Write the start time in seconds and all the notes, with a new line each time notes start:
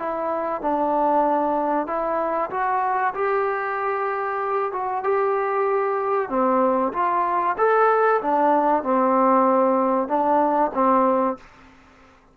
0.00 E4
0.62 D4
1.87 E4
2.51 F#4
3.15 G4
4.73 F#4
5.04 G4
6.30 C4
6.93 F4
7.58 A4
8.22 D4
8.84 C4
10.09 D4
10.75 C4